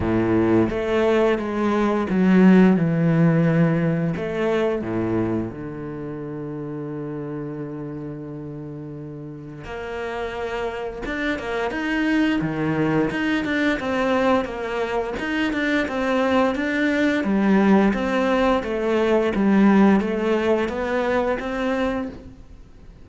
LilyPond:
\new Staff \with { instrumentName = "cello" } { \time 4/4 \tempo 4 = 87 a,4 a4 gis4 fis4 | e2 a4 a,4 | d1~ | d2 ais2 |
d'8 ais8 dis'4 dis4 dis'8 d'8 | c'4 ais4 dis'8 d'8 c'4 | d'4 g4 c'4 a4 | g4 a4 b4 c'4 | }